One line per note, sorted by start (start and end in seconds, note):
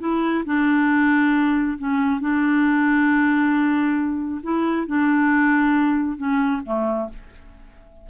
0.00 0.44 E4
0.45 1.78 D4
1.78 2.21 C#4
2.21 4.41 D4
4.43 4.87 E4
4.87 6.17 D4
6.17 6.61 C#4
6.65 7.09 A3